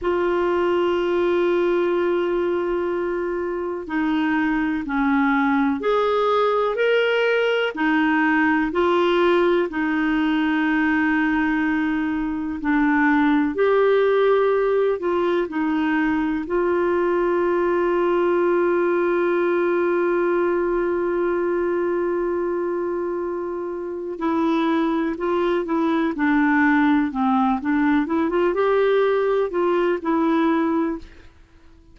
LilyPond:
\new Staff \with { instrumentName = "clarinet" } { \time 4/4 \tempo 4 = 62 f'1 | dis'4 cis'4 gis'4 ais'4 | dis'4 f'4 dis'2~ | dis'4 d'4 g'4. f'8 |
dis'4 f'2.~ | f'1~ | f'4 e'4 f'8 e'8 d'4 | c'8 d'8 e'16 f'16 g'4 f'8 e'4 | }